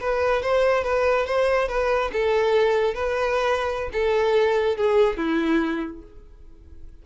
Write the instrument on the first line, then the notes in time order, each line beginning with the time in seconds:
violin
0.00 B4
0.42 C5
0.84 B4
1.26 C5
1.68 B4
2.12 A4
2.94 B4
3.92 A4
4.76 G#4
5.17 E4